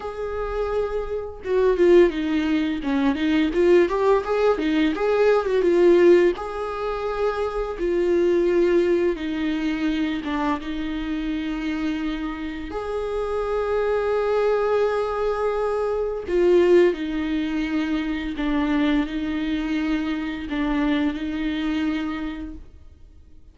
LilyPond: \new Staff \with { instrumentName = "viola" } { \time 4/4 \tempo 4 = 85 gis'2 fis'8 f'8 dis'4 | cis'8 dis'8 f'8 g'8 gis'8 dis'8 gis'8. fis'16 | f'4 gis'2 f'4~ | f'4 dis'4. d'8 dis'4~ |
dis'2 gis'2~ | gis'2. f'4 | dis'2 d'4 dis'4~ | dis'4 d'4 dis'2 | }